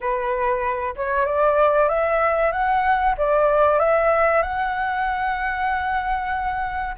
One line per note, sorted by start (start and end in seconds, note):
0.00 0.95 B4
0.96 1.25 C#5
1.25 1.88 D5
1.88 2.51 E5
2.51 3.15 F#5
3.17 3.79 D5
3.79 4.42 E5
4.42 6.95 F#5